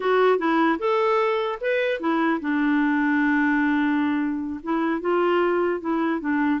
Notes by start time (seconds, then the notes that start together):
0.00 F#4
0.38 E4
0.79 A4
1.60 B4
2.00 E4
2.40 D4
4.63 E4
5.00 F4
5.80 E4
6.20 D4